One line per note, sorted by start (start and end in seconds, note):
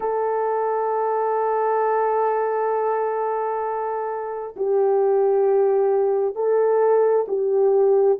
0.00 4.55 A4
4.56 6.35 G4
6.35 7.26 A4
7.28 8.19 G4